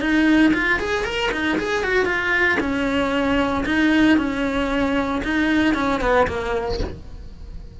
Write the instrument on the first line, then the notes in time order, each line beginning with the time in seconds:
cello
0.00 D#4
0.53 F4
0.79 G#4
1.04 A#4
1.31 D#4
1.58 G#4
1.83 F#4
2.05 F4
2.59 C#4
3.65 D#4
4.17 C#4
5.24 D#4
5.74 C#4
6.00 B3
6.27 A#3